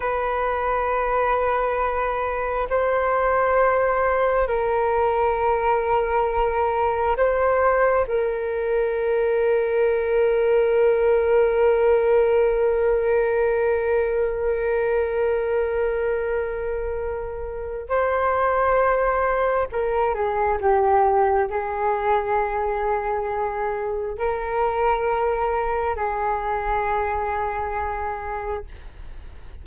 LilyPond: \new Staff \with { instrumentName = "flute" } { \time 4/4 \tempo 4 = 67 b'2. c''4~ | c''4 ais'2. | c''4 ais'2.~ | ais'1~ |
ais'1 | c''2 ais'8 gis'8 g'4 | gis'2. ais'4~ | ais'4 gis'2. | }